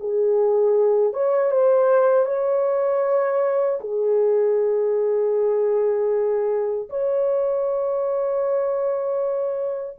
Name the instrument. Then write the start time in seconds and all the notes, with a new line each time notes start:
horn
0.00 G#4
1.13 C#5
1.51 C5
2.26 C#5
3.80 G#4
6.90 C#5